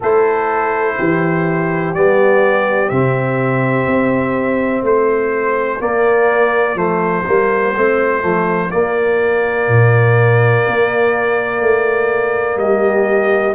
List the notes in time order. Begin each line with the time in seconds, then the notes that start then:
0.00 A3 E4 A4 C5
0.98 E3 G4
1.94 G3 B3 D5
2.89 C3 C4 E5
3.86 C4
4.82 A3 F4 C5
5.79 A#3 D5
6.75 F3 A3 C5
7.26 G3 A#3
7.75 A3 C4
8.21 F3 A3
8.70 A#3 D5
9.68 A#2
10.67 A#3
11.60 A3
12.56 G3 G4 D#5